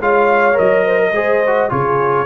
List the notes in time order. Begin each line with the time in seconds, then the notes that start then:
0.00 G#3 F4 C#5 F5
0.54 F#3 A#4 D#5
0.85 C5
0.99 A#4
1.12 G#3 G#4 C5
1.46 F#4
1.69 C#3 F4 G#4 C#5